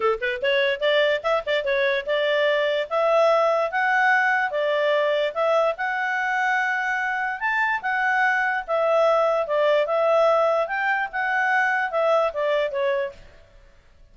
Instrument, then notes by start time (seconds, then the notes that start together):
clarinet
0.00 A4
0.21 B4
0.42 C#5
0.80 D5
1.23 E5
1.46 D5
1.64 C#5
2.05 D5
2.89 E5
3.71 F#5
4.50 D5
5.33 E5
5.77 F#5
7.40 A5
7.82 F#5
8.67 E5
9.46 D5
9.86 E5
10.67 G5
11.12 F#5
11.90 E5
12.33 D5
12.71 C#5